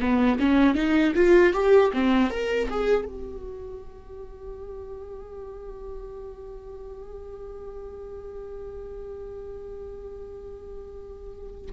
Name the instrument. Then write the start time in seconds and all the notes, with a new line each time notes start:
viola
0.00 B3
0.40 C#4
0.75 D#4
1.15 F4
1.53 G4
1.93 C4
2.30 A#4
2.70 G#4
3.05 G4